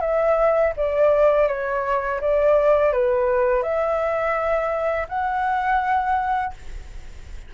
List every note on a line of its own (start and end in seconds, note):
0.00 0.72 E5
0.76 1.48 D5
1.48 2.20 C#5
2.20 2.92 D5
2.92 3.62 B4
3.62 5.07 E5
5.08 6.53 F#5